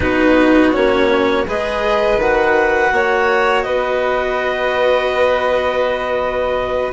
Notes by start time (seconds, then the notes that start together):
0.00 B3 D#4 F#4 B4
0.73 A#3 C#4 C#5
1.46 G#3 G#4 B4 D#5
2.17 D#3 F#4 F#5
2.92 A#3 C#5
3.62 B3 B4 D#5